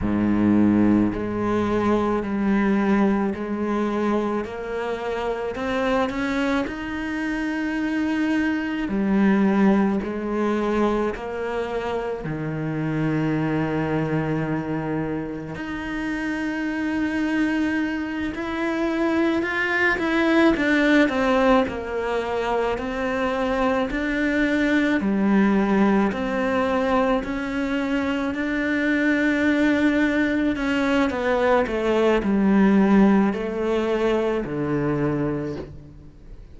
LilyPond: \new Staff \with { instrumentName = "cello" } { \time 4/4 \tempo 4 = 54 gis,4 gis4 g4 gis4 | ais4 c'8 cis'8 dis'2 | g4 gis4 ais4 dis4~ | dis2 dis'2~ |
dis'8 e'4 f'8 e'8 d'8 c'8 ais8~ | ais8 c'4 d'4 g4 c'8~ | c'8 cis'4 d'2 cis'8 | b8 a8 g4 a4 d4 | }